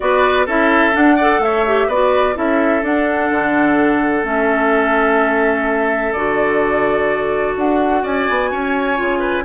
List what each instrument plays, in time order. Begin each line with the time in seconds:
0.00 bassoon B3, clarinet F#4, oboe B4, flute D5
0.46 bassoon C#4, clarinet E4, oboe A4, flute E5
0.92 clarinet D4, bassoon D4, flute F#5
1.15 clarinet A4, oboe D5
1.39 bassoon A3, oboe C#5, flute E5
1.66 clarinet G4
1.87 bassoon B3, clarinet F#4, oboe B4, flute D5
2.34 bassoon C#4, clarinet E4, oboe A4, flute E5
2.82 bassoon D4, clarinet D4, flute F#5
3.30 bassoon D3
4.23 bassoon A3, clarinet C#4, flute E5
6.12 bassoon D3, clarinet F#4, flute D5
7.56 bassoon D4, flute F#5
8.03 bassoon C#4, oboe D5, flute G#5
8.29 bassoon B3
8.51 bassoon C#4, oboe C#5
8.96 bassoon C#3, clarinet F4
9.19 oboe B4